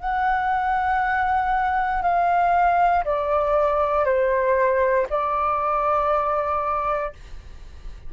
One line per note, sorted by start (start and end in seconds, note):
0.00 2.02 F#5
2.02 3.04 F5
3.05 4.05 D5
4.05 5.07 C5
5.10 7.13 D5